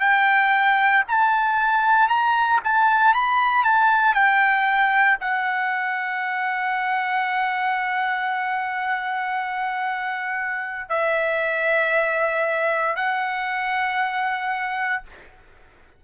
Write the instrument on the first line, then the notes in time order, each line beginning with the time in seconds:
trumpet
0.00 G5
1.08 A5
2.08 A#5
2.64 A5
3.14 B5
3.64 A5
4.15 G5
5.20 F#5
10.89 E5
12.96 F#5